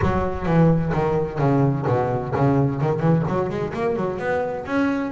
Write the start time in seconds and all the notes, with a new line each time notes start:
0.01 F#3
0.45 E3
0.93 D#3
1.38 C#3
1.87 B2
2.35 C#3
2.81 D#3
3.00 E3
3.27 F#3
3.49 G#3
3.73 A#3
3.96 F#3
4.18 B3
4.65 C#4